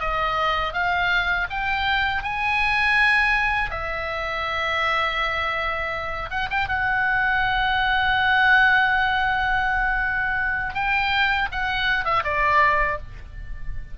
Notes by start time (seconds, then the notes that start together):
0.00 D#5
0.73 F5
1.51 G5
2.23 G#5
3.71 E5
6.30 F#5
6.51 G5
6.69 F#5
10.75 G5
11.52 F#5
12.05 E5
12.24 D5